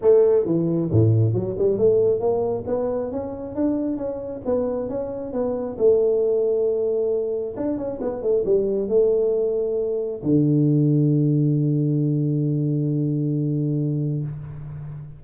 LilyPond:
\new Staff \with { instrumentName = "tuba" } { \time 4/4 \tempo 4 = 135 a4 e4 a,4 fis8 g8 | a4 ais4 b4 cis'4 | d'4 cis'4 b4 cis'4 | b4 a2.~ |
a4 d'8 cis'8 b8 a8 g4 | a2. d4~ | d1~ | d1 | }